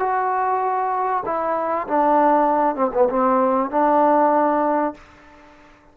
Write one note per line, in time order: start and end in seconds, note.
0.00 1.24 F#4
1.26 1.88 E4
1.88 2.76 D4
2.76 2.91 C4
2.94 3.09 B3
3.10 3.71 C4
3.71 4.95 D4